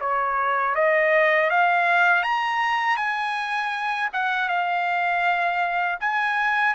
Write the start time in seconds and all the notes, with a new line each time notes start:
0.00 C#5
0.75 D#5
1.50 F5
2.22 A#5
2.96 G#5
4.13 F#5
4.48 F5
6.00 G#5